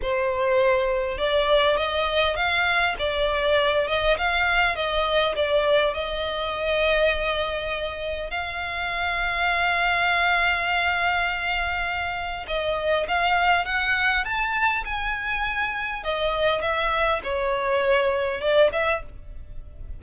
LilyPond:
\new Staff \with { instrumentName = "violin" } { \time 4/4 \tempo 4 = 101 c''2 d''4 dis''4 | f''4 d''4. dis''8 f''4 | dis''4 d''4 dis''2~ | dis''2 f''2~ |
f''1~ | f''4 dis''4 f''4 fis''4 | a''4 gis''2 dis''4 | e''4 cis''2 d''8 e''8 | }